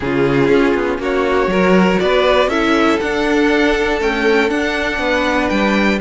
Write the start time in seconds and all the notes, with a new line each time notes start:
0.00 C#3 C#4 F4 G#4
0.48 C#4
0.74 B3
0.98 A#3 F#4 C#5
1.47 F#3 F#4 A#4
2.00 B3 B4 D5
2.47 C#4 E4 A4 E5
2.99 D4 F#5
4.00 A3 C#4 G5
4.48 D4 F#5
4.98 B3 B4
5.49 G3 G5